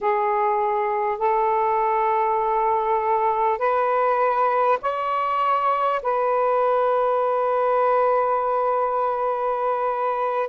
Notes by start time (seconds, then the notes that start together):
0.00 G#4
1.18 A4
3.58 B4
4.81 C#5
6.02 B4